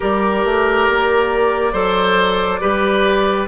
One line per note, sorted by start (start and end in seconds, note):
0.00 0.45 G3
0.00 1.73 G4
0.00 1.72 A#4
0.00 3.47 D5
0.45 0.88 A3
0.88 1.73 A#3
1.72 2.60 F#3
1.72 2.60 A4
1.72 2.59 C5
2.61 3.47 G3
2.61 3.47 G4
2.61 3.47 B4